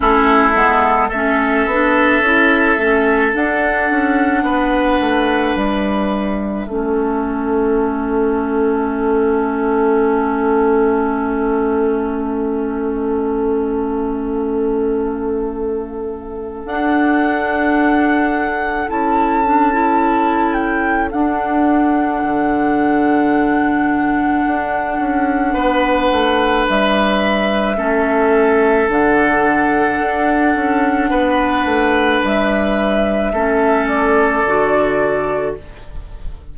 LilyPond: <<
  \new Staff \with { instrumentName = "flute" } { \time 4/4 \tempo 4 = 54 a'4 e''2 fis''4~ | fis''4 e''2.~ | e''1~ | e''2. fis''4~ |
fis''4 a''4. g''8 fis''4~ | fis''1 | e''2 fis''2~ | fis''4 e''4. d''4. | }
  \new Staff \with { instrumentName = "oboe" } { \time 4/4 e'4 a'2. | b'2 a'2~ | a'1~ | a'1~ |
a'1~ | a'2. b'4~ | b'4 a'2. | b'2 a'2 | }
  \new Staff \with { instrumentName = "clarinet" } { \time 4/4 cis'8 b8 cis'8 d'8 e'8 cis'8 d'4~ | d'2 cis'2~ | cis'1~ | cis'2. d'4~ |
d'4 e'8 d'16 e'4~ e'16 d'4~ | d'1~ | d'4 cis'4 d'2~ | d'2 cis'4 fis'4 | }
  \new Staff \with { instrumentName = "bassoon" } { \time 4/4 a8 gis8 a8 b8 cis'8 a8 d'8 cis'8 | b8 a8 g4 a2~ | a1~ | a2. d'4~ |
d'4 cis'2 d'4 | d2 d'8 cis'8 b8 a8 | g4 a4 d4 d'8 cis'8 | b8 a8 g4 a4 d4 | }
>>